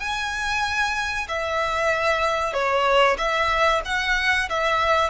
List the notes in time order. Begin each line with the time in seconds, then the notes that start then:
0.00 G#5
1.28 E5
2.53 C#5
3.18 E5
3.85 F#5
4.49 E5